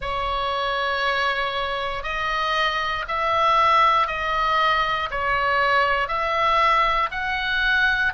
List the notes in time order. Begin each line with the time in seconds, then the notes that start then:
0.00 C#5
2.03 D#5
3.07 E5
4.07 D#5
5.11 C#5
6.07 E5
7.11 F#5